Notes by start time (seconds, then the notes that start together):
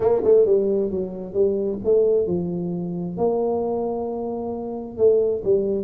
0.00 A#3
0.23 A3
0.45 G3
0.90 F#3
1.33 G3
1.84 A3
2.26 F3
3.17 A#3
4.97 A3
5.44 G3